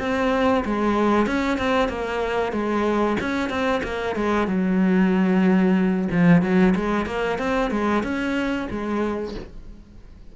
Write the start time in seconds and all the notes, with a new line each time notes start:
0.00 C4
0.66 G#3
1.27 C#4
1.59 C4
1.89 A#3
2.53 G#3
3.21 C#4
3.50 C4
3.84 A#3
4.16 G#3
4.48 F#3
6.11 F3
6.43 F#3
6.76 G#3
7.07 A#3
7.39 C4
7.72 G#3
8.04 C#4
8.71 G#3